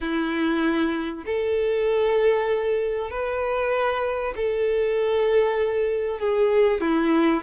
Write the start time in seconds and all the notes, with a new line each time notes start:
0.00 E4
1.25 A4
3.10 B4
4.36 A4
6.19 G#4
6.80 E4